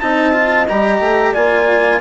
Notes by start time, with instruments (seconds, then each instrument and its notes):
0.00 bassoon C4, cello D#4, horn D#5, trumpet A5
0.33 cello F4
0.69 bassoon G3, cello G4, trumpet A#5
1.00 bassoon A3
1.33 bassoon A#3, cello F4, horn D5, trumpet G#5